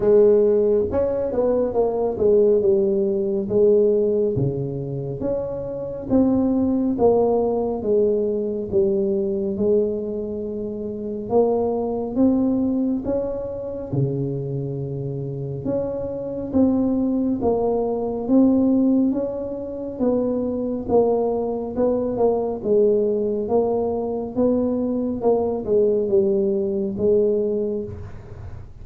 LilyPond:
\new Staff \with { instrumentName = "tuba" } { \time 4/4 \tempo 4 = 69 gis4 cis'8 b8 ais8 gis8 g4 | gis4 cis4 cis'4 c'4 | ais4 gis4 g4 gis4~ | gis4 ais4 c'4 cis'4 |
cis2 cis'4 c'4 | ais4 c'4 cis'4 b4 | ais4 b8 ais8 gis4 ais4 | b4 ais8 gis8 g4 gis4 | }